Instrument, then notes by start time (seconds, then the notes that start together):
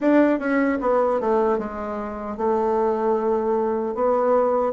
bassoon
0.00 D4
0.39 C#4
0.81 B3
1.20 A3
1.58 G#3
2.37 A3
3.94 B3